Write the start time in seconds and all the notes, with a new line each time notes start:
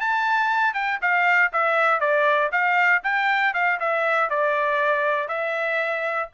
0.00 A5
0.74 G5
1.01 F5
1.52 E5
2.00 D5
2.51 F5
3.03 G5
3.54 F5
3.80 E5
4.30 D5
5.28 E5